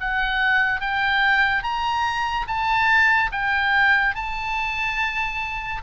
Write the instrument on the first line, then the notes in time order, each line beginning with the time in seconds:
oboe
0.00 F#5
0.81 G5
1.63 A#5
2.47 A5
3.31 G5
4.15 A5